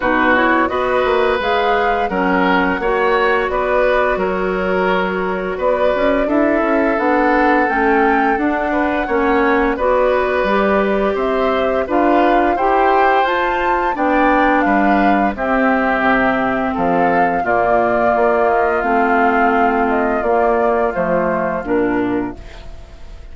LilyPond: <<
  \new Staff \with { instrumentName = "flute" } { \time 4/4 \tempo 4 = 86 b'8 cis''8 dis''4 f''4 fis''4~ | fis''4 d''4 cis''2 | d''4 e''4 fis''4 g''4 | fis''2 d''2 |
e''4 f''4 g''4 a''4 | g''4 f''4 e''2 | f''4 d''4. dis''8 f''4~ | f''8 dis''8 d''4 c''4 ais'4 | }
  \new Staff \with { instrumentName = "oboe" } { \time 4/4 fis'4 b'2 ais'4 | cis''4 b'4 ais'2 | b'4 a'2.~ | a'8 b'8 cis''4 b'2 |
c''4 b'4 c''2 | d''4 b'4 g'2 | a'4 f'2.~ | f'1 | }
  \new Staff \with { instrumentName = "clarinet" } { \time 4/4 dis'8 e'8 fis'4 gis'4 cis'4 | fis'1~ | fis'4 e'4 d'4 cis'4 | d'4 cis'4 fis'4 g'4~ |
g'4 f'4 g'4 f'4 | d'2 c'2~ | c'4 ais2 c'4~ | c'4 ais4 a4 d'4 | }
  \new Staff \with { instrumentName = "bassoon" } { \time 4/4 b,4 b8 ais8 gis4 fis4 | ais4 b4 fis2 | b8 cis'8 d'8 cis'8 b4 a4 | d'4 ais4 b4 g4 |
c'4 d'4 e'4 f'4 | b4 g4 c'4 c4 | f4 ais,4 ais4 a4~ | a4 ais4 f4 ais,4 | }
>>